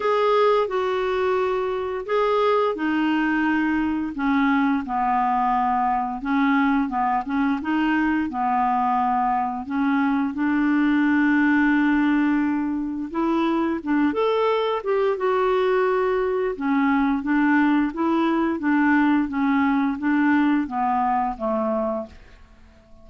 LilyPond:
\new Staff \with { instrumentName = "clarinet" } { \time 4/4 \tempo 4 = 87 gis'4 fis'2 gis'4 | dis'2 cis'4 b4~ | b4 cis'4 b8 cis'8 dis'4 | b2 cis'4 d'4~ |
d'2. e'4 | d'8 a'4 g'8 fis'2 | cis'4 d'4 e'4 d'4 | cis'4 d'4 b4 a4 | }